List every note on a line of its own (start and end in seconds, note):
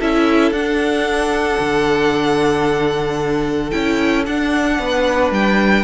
0.00 0.52 C#4
0.00 0.55 E4
0.00 4.78 A4
0.00 0.53 E5
0.52 1.58 D4
0.52 3.72 D4
0.52 3.71 F#5
1.60 3.72 D3
3.71 4.27 C#4
3.71 4.25 E4
3.71 4.24 G5
4.26 4.79 D4
4.26 5.84 D4
4.26 5.33 F#5
4.79 5.31 B3
4.79 5.84 B4
5.31 5.84 G3
5.31 5.84 G5